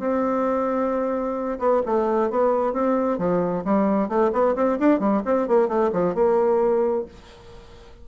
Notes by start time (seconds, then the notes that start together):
0.00 C4
1.59 B3
1.86 A3
2.31 B3
2.73 C4
3.19 F3
3.65 G3
4.09 A3
4.33 B3
4.56 C4
4.80 D4
5.00 G3
5.26 C4
5.49 A#3
5.69 A3
5.93 F3
6.15 A#3